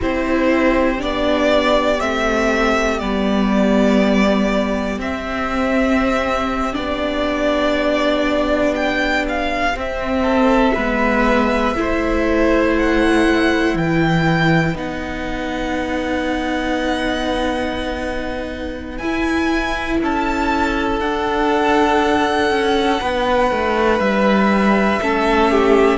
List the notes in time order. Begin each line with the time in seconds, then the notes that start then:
0.01 C4 E4 G4 C5
0.97 B3 D4 D5
2.00 A3 C4 E5
2.99 G3 B3 D5
4.98 C4 E5
6.73 B3 D4 D5
8.75 G5
9.28 F5
9.74 C4 E5
10.22 A4
10.74 G#3 B3 B4
11.75 A3 E4 C5
12.77 F#5
13.74 E3 B4 G5
14.75 B3 D#4 F#5
18.97 E4 G#5
20.02 C#4 A4 A5
21.00 D4 F#5
22.50 C#4
23.00 B3 B4
23.51 A3
23.99 G3 E5
25.00 A3 C#4 A4
25.50 G4